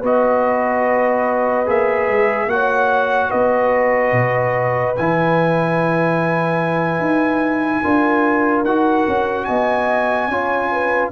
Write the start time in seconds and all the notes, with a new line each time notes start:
0.00 B3 F#4 B4 D#5
1.66 A#3 G#4 E5
2.08 G#3
2.46 A#3 F#4 C#5 F#5
3.28 B3 B4 D#5
4.11 B2
4.96 E3 E4 G#5
6.99 D#4
7.83 D4 F4 A#4
8.64 D#4 F#4 F#5
9.07 C#4
9.44 B3 D#5 G#5
10.28 C#4 F4 C#5
10.71 B4